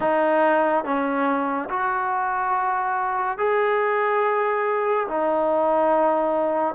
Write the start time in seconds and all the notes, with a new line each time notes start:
0.00 D#4
0.84 C#4
1.69 F#4
3.38 G#4
5.07 D#4